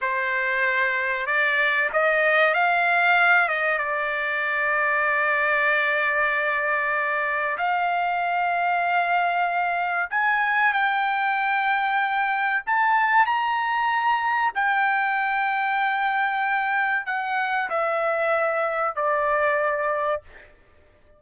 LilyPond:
\new Staff \with { instrumentName = "trumpet" } { \time 4/4 \tempo 4 = 95 c''2 d''4 dis''4 | f''4. dis''8 d''2~ | d''1 | f''1 |
gis''4 g''2. | a''4 ais''2 g''4~ | g''2. fis''4 | e''2 d''2 | }